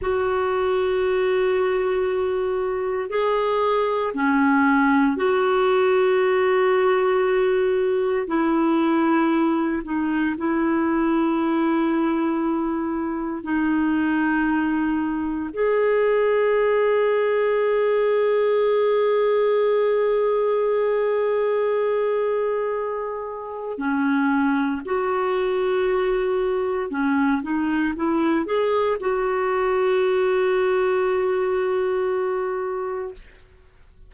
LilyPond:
\new Staff \with { instrumentName = "clarinet" } { \time 4/4 \tempo 4 = 58 fis'2. gis'4 | cis'4 fis'2. | e'4. dis'8 e'2~ | e'4 dis'2 gis'4~ |
gis'1~ | gis'2. cis'4 | fis'2 cis'8 dis'8 e'8 gis'8 | fis'1 | }